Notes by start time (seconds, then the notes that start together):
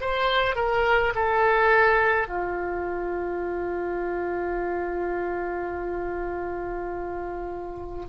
0.00 C5
0.55 A#4
1.15 A4
2.27 F4